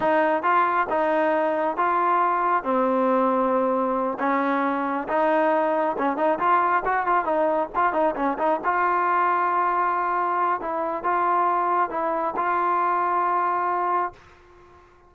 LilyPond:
\new Staff \with { instrumentName = "trombone" } { \time 4/4 \tempo 4 = 136 dis'4 f'4 dis'2 | f'2 c'2~ | c'4. cis'2 dis'8~ | dis'4. cis'8 dis'8 f'4 fis'8 |
f'8 dis'4 f'8 dis'8 cis'8 dis'8 f'8~ | f'1 | e'4 f'2 e'4 | f'1 | }